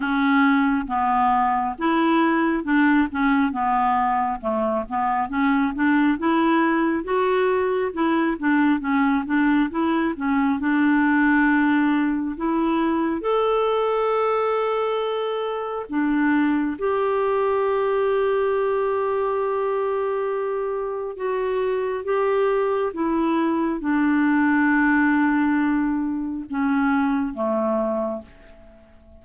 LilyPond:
\new Staff \with { instrumentName = "clarinet" } { \time 4/4 \tempo 4 = 68 cis'4 b4 e'4 d'8 cis'8 | b4 a8 b8 cis'8 d'8 e'4 | fis'4 e'8 d'8 cis'8 d'8 e'8 cis'8 | d'2 e'4 a'4~ |
a'2 d'4 g'4~ | g'1 | fis'4 g'4 e'4 d'4~ | d'2 cis'4 a4 | }